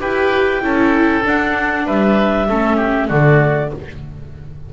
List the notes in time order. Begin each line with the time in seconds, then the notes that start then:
0.00 E4 G4 B4 G5
0.61 C#4 E4 A4
1.22 D4 F#5
1.86 G3 B4 E5
2.48 A3 C#4 A4
2.76 G4
3.08 D3 A3 F#4 D5